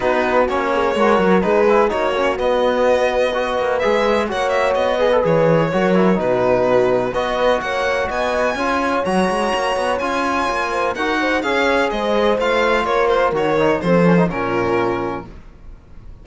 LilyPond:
<<
  \new Staff \with { instrumentName = "violin" } { \time 4/4 \tempo 4 = 126 b'4 cis''2 b'4 | cis''4 dis''2. | e''4 fis''8 e''8 dis''4 cis''4~ | cis''4 b'2 dis''4 |
fis''4 gis''2 ais''4~ | ais''4 gis''2 fis''4 | f''4 dis''4 f''4 cis''8 c''8 | cis''4 c''4 ais'2 | }
  \new Staff \with { instrumentName = "horn" } { \time 4/4 fis'4. gis'8 ais'4 gis'4 | fis'2. b'4~ | b'4 cis''4. b'4. | ais'4 fis'2 b'4 |
cis''4 dis''4 cis''2~ | cis''2~ cis''8 c''8 ais'8 c''8 | cis''4 c''2 ais'4~ | ais'4 a'4 f'2 | }
  \new Staff \with { instrumentName = "trombone" } { \time 4/4 dis'4 cis'4 fis'4 dis'8 e'8 | dis'8 cis'8 b2 fis'4 | gis'4 fis'4. gis'16 a'16 gis'4 | fis'8 e'8 dis'2 fis'4~ |
fis'2 f'4 fis'4~ | fis'4 f'2 fis'4 | gis'2 f'2 | fis'8 dis'8 c'8 cis'16 dis'16 cis'2 | }
  \new Staff \with { instrumentName = "cello" } { \time 4/4 b4 ais4 gis8 fis8 gis4 | ais4 b2~ b8 ais8 | gis4 ais4 b4 e4 | fis4 b,2 b4 |
ais4 b4 cis'4 fis8 gis8 | ais8 b8 cis'4 ais4 dis'4 | cis'4 gis4 a4 ais4 | dis4 f4 ais,2 | }
>>